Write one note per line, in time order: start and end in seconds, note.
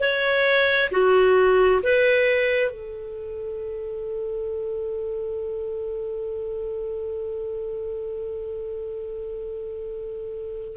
0.00 0.90 C#5
0.91 1.81 F#4
1.83 2.71 B4
2.71 10.77 A4